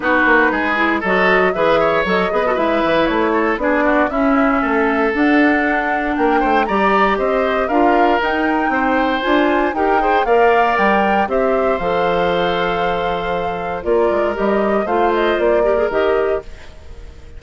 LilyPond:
<<
  \new Staff \with { instrumentName = "flute" } { \time 4/4 \tempo 4 = 117 b'2 dis''4 e''4 | dis''4 e''4 cis''4 d''4 | e''2 fis''2 | g''4 ais''4 dis''4 f''4 |
g''2 gis''4 g''4 | f''4 g''4 e''4 f''4~ | f''2. d''4 | dis''4 f''8 dis''8 d''4 dis''4 | }
  \new Staff \with { instrumentName = "oboe" } { \time 4/4 fis'4 gis'4 a'4 b'8 cis''8~ | cis''8 b'16 a'16 b'4. a'8 gis'8 fis'8 | e'4 a'2. | ais'8 c''8 d''4 c''4 ais'4~ |
ais'4 c''2 ais'8 c''8 | d''2 c''2~ | c''2. ais'4~ | ais'4 c''4. ais'4. | }
  \new Staff \with { instrumentName = "clarinet" } { \time 4/4 dis'4. e'8 fis'4 gis'4 | a'8 gis'16 fis'16 e'2 d'4 | cis'2 d'2~ | d'4 g'2 f'4 |
dis'2 f'4 g'8 gis'8 | ais'2 g'4 a'4~ | a'2. f'4 | g'4 f'4. g'16 gis'16 g'4 | }
  \new Staff \with { instrumentName = "bassoon" } { \time 4/4 b8 ais8 gis4 fis4 e4 | fis8 b8 gis8 e8 a4 b4 | cis'4 a4 d'2 | ais8 a8 g4 c'4 d'4 |
dis'4 c'4 d'4 dis'4 | ais4 g4 c'4 f4~ | f2. ais8 gis8 | g4 a4 ais4 dis4 | }
>>